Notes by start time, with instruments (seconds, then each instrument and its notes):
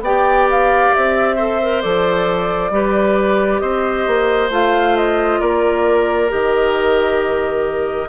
0.00 bassoon B3, clarinet G4, oboe D5, flute G5
0.49 flute F5
0.94 bassoon C4, flute E5
1.36 clarinet A4, oboe C5
1.62 clarinet A#4
1.81 bassoon F3, clarinet A4, flute D5
2.70 bassoon G3, clarinet G4, oboe B4
3.59 bassoon C4, oboe C5, flute D#5
4.07 bassoon A#3
4.50 bassoon A3, clarinet F4, flute F5
4.96 flute D#5
5.39 bassoon A#3, oboe A#4, flute D5
6.28 bassoon D#3, clarinet G4, flute D#5